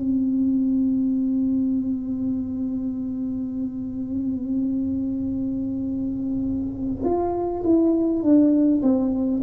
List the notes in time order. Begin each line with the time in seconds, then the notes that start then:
0.00 C4
7.05 F4
7.65 E4
8.23 D4
8.82 C4